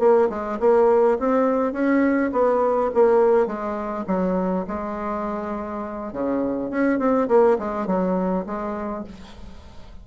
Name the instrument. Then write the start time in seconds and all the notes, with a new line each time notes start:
bassoon
0.00 A#3
0.30 G#3
0.60 A#3
1.20 C4
1.73 C#4
2.33 B3
2.95 A#3
3.47 G#3
4.08 F#3
4.68 G#3
6.13 C#3
6.71 C#4
6.99 C4
7.29 A#3
7.59 G#3
7.87 F#3
8.47 G#3